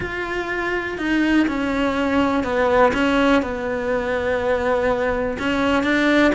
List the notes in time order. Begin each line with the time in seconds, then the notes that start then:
0.00 F4
0.98 D#4
1.47 C#4
2.43 B3
2.93 C#4
3.42 B3
5.38 C#4
5.83 D4